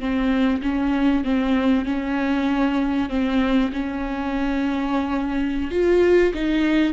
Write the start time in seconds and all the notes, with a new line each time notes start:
0.00 C4
0.62 C#4
1.24 C4
1.86 C#4
3.10 C4
3.73 C#4
5.71 F4
6.34 D#4